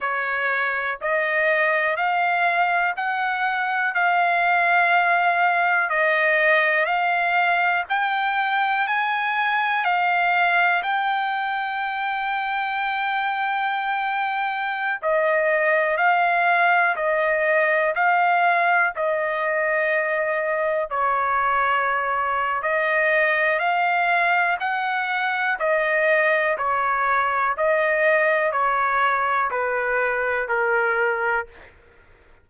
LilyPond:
\new Staff \with { instrumentName = "trumpet" } { \time 4/4 \tempo 4 = 61 cis''4 dis''4 f''4 fis''4 | f''2 dis''4 f''4 | g''4 gis''4 f''4 g''4~ | g''2.~ g''16 dis''8.~ |
dis''16 f''4 dis''4 f''4 dis''8.~ | dis''4~ dis''16 cis''4.~ cis''16 dis''4 | f''4 fis''4 dis''4 cis''4 | dis''4 cis''4 b'4 ais'4 | }